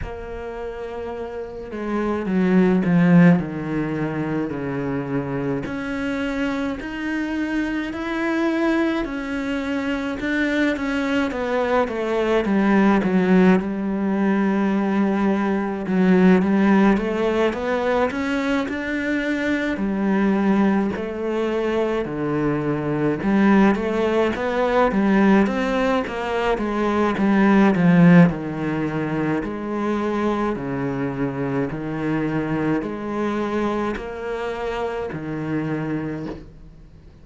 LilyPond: \new Staff \with { instrumentName = "cello" } { \time 4/4 \tempo 4 = 53 ais4. gis8 fis8 f8 dis4 | cis4 cis'4 dis'4 e'4 | cis'4 d'8 cis'8 b8 a8 g8 fis8 | g2 fis8 g8 a8 b8 |
cis'8 d'4 g4 a4 d8~ | d8 g8 a8 b8 g8 c'8 ais8 gis8 | g8 f8 dis4 gis4 cis4 | dis4 gis4 ais4 dis4 | }